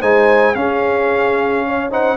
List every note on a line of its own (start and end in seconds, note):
0.00 0.55 G#3
0.00 0.55 D#4
0.00 0.54 C5
0.00 0.55 G#5
0.55 2.17 C#4
0.55 1.91 C#4
0.55 1.66 G#4
0.55 1.90 F5
1.66 1.92 C#5
1.91 2.17 D#4
1.91 2.17 C5
1.91 2.17 F#5